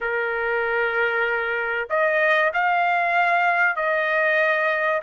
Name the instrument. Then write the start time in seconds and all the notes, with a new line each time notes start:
trumpet
0.00 A#4
1.89 D#5
2.53 F5
3.76 D#5